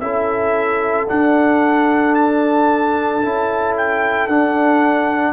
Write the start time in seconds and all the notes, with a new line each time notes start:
0.00 C#4 E4 A4 E5
1.08 D4 F#5
2.15 A5
3.23 C#4 E4
3.77 G5
4.27 D4 F#5